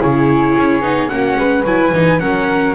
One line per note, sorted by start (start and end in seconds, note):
0.00 0.56 C#3
0.00 0.82 E4
0.00 1.11 G#4
0.00 1.09 C#5
0.57 0.81 C#4
0.81 1.09 B3
0.81 1.09 D#4
1.09 1.36 A#3
1.09 1.64 C#4
1.09 1.39 F#4
1.09 1.64 F#5
1.36 1.64 G#3
1.36 2.21 B4
1.65 1.92 F#3
1.65 1.94 E4
1.65 2.20 G#5
1.93 2.20 E3
1.93 2.19 D#4
2.19 2.74 F#3
2.19 2.74 C#4
2.19 2.74 A#4
2.19 2.74 F#5